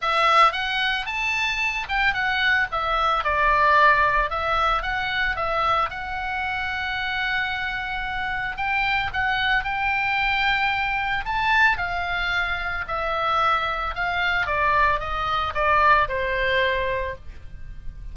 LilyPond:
\new Staff \with { instrumentName = "oboe" } { \time 4/4 \tempo 4 = 112 e''4 fis''4 a''4. g''8 | fis''4 e''4 d''2 | e''4 fis''4 e''4 fis''4~ | fis''1 |
g''4 fis''4 g''2~ | g''4 a''4 f''2 | e''2 f''4 d''4 | dis''4 d''4 c''2 | }